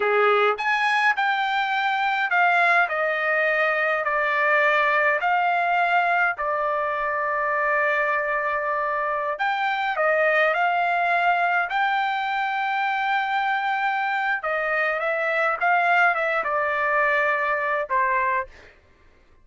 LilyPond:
\new Staff \with { instrumentName = "trumpet" } { \time 4/4 \tempo 4 = 104 gis'4 gis''4 g''2 | f''4 dis''2 d''4~ | d''4 f''2 d''4~ | d''1~ |
d''16 g''4 dis''4 f''4.~ f''16~ | f''16 g''2.~ g''8.~ | g''4 dis''4 e''4 f''4 | e''8 d''2~ d''8 c''4 | }